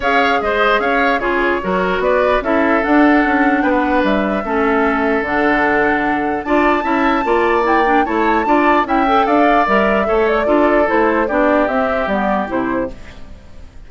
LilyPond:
<<
  \new Staff \with { instrumentName = "flute" } { \time 4/4 \tempo 4 = 149 f''4 dis''4 f''4 cis''4~ | cis''4 d''4 e''4 fis''4~ | fis''4 g''16 fis''8. e''2~ | e''4 fis''2. |
a''2. g''4 | a''2 g''4 f''4 | e''4. d''4. c''4 | d''4 e''4 d''4 c''4 | }
  \new Staff \with { instrumentName = "oboe" } { \time 4/4 cis''4 c''4 cis''4 gis'4 | ais'4 b'4 a'2~ | a'4 b'2 a'4~ | a'1 |
d''4 e''4 d''2 | cis''4 d''4 e''4 d''4~ | d''4 cis''4 a'2 | g'1 | }
  \new Staff \with { instrumentName = "clarinet" } { \time 4/4 gis'2. f'4 | fis'2 e'4 d'4~ | d'2. cis'4~ | cis'4 d'2. |
f'4 e'4 f'4 e'8 d'8 | e'4 f'4 e'8 a'4. | ais'4 a'4 f'4 e'4 | d'4 c'4 b4 e'4 | }
  \new Staff \with { instrumentName = "bassoon" } { \time 4/4 cis'4 gis4 cis'4 cis4 | fis4 b4 cis'4 d'4 | cis'4 b4 g4 a4~ | a4 d2. |
d'4 cis'4 ais2 | a4 d'4 cis'4 d'4 | g4 a4 d'4 a4 | b4 c'4 g4 c4 | }
>>